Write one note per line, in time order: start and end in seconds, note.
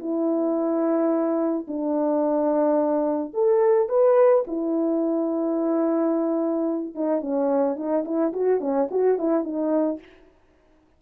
0.00 1.67 E4
1.68 3.34 D4
3.34 3.89 A4
3.89 4.45 B4
4.48 6.95 E4
6.95 7.22 D#4
7.22 7.77 C#4
7.77 8.04 D#4
8.05 8.33 E4
8.33 8.61 F#4
8.61 8.89 C#4
8.91 9.19 F#4
9.19 9.44 E4
9.44 10.00 D#4